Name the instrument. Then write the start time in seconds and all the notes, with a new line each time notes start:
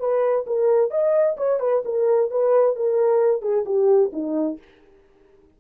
horn
0.00 B4
0.47 A#4
0.91 D#5
1.37 C#5
1.60 B4
1.85 A#4
2.31 B4
2.76 A#4
3.42 G#4
3.66 G4
4.13 D#4